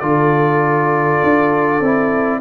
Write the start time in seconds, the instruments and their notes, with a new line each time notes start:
0.00 tuba D3, trombone F4, horn A4, trumpet D5
1.24 tuba D4
1.80 tuba C4, trombone E4